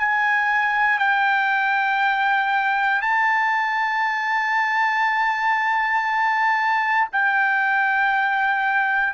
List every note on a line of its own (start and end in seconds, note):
0.00 0.99 G#5
0.99 3.02 G5
3.02 7.09 A5
7.13 9.14 G5